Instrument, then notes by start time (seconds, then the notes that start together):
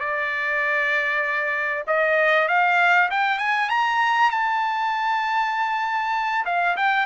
trumpet
0.00 D5
1.86 D#5
2.48 F5
3.10 G5
3.38 G#5
3.69 A#5
4.30 A5
6.45 F5
6.77 G5